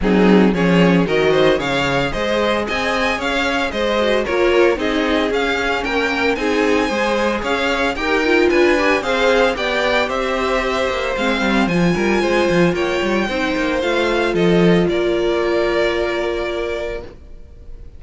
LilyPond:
<<
  \new Staff \with { instrumentName = "violin" } { \time 4/4 \tempo 4 = 113 gis'4 cis''4 dis''4 f''4 | dis''4 gis''4 f''4 dis''4 | cis''4 dis''4 f''4 g''4 | gis''2 f''4 g''4 |
gis''4 f''4 g''4 e''4~ | e''4 f''4 gis''2 | g''2 f''4 dis''4 | d''1 | }
  \new Staff \with { instrumentName = "violin" } { \time 4/4 dis'4 gis'4 ais'8 c''8 cis''4 | c''4 dis''4 cis''4 c''4 | ais'4 gis'2 ais'4 | gis'4 c''4 cis''4 ais'4 |
b'4 c''4 d''4 c''4~ | c''2~ c''8 ais'8 c''4 | cis''4 c''2 a'4 | ais'1 | }
  \new Staff \with { instrumentName = "viola" } { \time 4/4 c'4 cis'4 fis'4 gis'4~ | gis'2.~ gis'8 fis'8 | f'4 dis'4 cis'2 | dis'4 gis'2 g'8 f'8~ |
f'8 g'8 gis'4 g'2~ | g'4 c'4 f'2~ | f'4 dis'4 f'2~ | f'1 | }
  \new Staff \with { instrumentName = "cello" } { \time 4/4 fis4 f4 dis4 cis4 | gis4 c'4 cis'4 gis4 | ais4 c'4 cis'4 ais4 | c'4 gis4 cis'4 dis'4 |
d'4 c'4 b4 c'4~ | c'8 ais8 gis8 g8 f8 g8 gis8 f8 | ais8 g8 c'8 ais8 a4 f4 | ais1 | }
>>